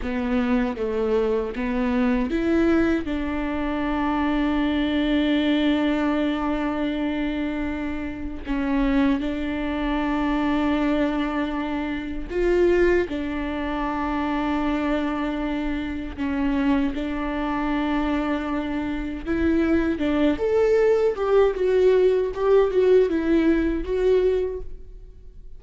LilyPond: \new Staff \with { instrumentName = "viola" } { \time 4/4 \tempo 4 = 78 b4 a4 b4 e'4 | d'1~ | d'2. cis'4 | d'1 |
f'4 d'2.~ | d'4 cis'4 d'2~ | d'4 e'4 d'8 a'4 g'8 | fis'4 g'8 fis'8 e'4 fis'4 | }